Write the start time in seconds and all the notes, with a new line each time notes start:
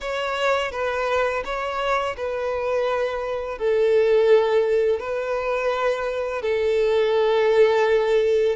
0.00 C#5
0.71 B4
1.44 C#5
2.17 B4
3.58 A4
4.99 B4
6.42 A4